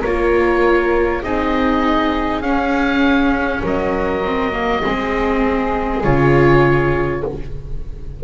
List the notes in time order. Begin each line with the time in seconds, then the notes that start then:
0.00 A#3 F4 A#4 C#5
1.23 C4 D#4 G#4 D#5
2.41 C#4 F5
3.61 F#3 A#4 D#5
4.24 C4
4.52 A#3
4.81 G#3 C4 G#4
6.03 C#3 F4 C#5